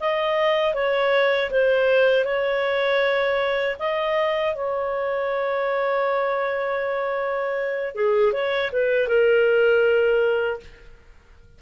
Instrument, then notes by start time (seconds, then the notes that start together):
clarinet
0.00 D#5
0.74 C#5
1.50 C5
2.24 C#5
3.79 D#5
4.55 C#5
7.95 G#4
8.32 C#5
8.72 B4
9.08 A#4